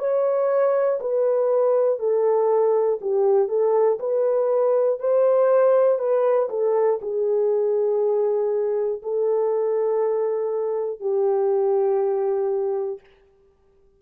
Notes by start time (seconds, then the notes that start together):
0.00 C#5
1.01 B4
2.00 A4
3.01 G4
3.49 A4
4.00 B4
5.00 C5
5.99 B4
6.50 A4
7.02 G#4
9.03 A4
11.01 G4